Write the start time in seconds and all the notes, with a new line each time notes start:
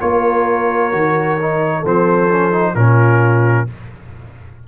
0.00 A#3 F4 A#4 C#5
0.92 D#3 F#4
1.41 D#4
1.79 F3 C4 A4
1.86 C5
2.31 C#4
2.51 D#4
2.75 A#2 C#4 F4 A#4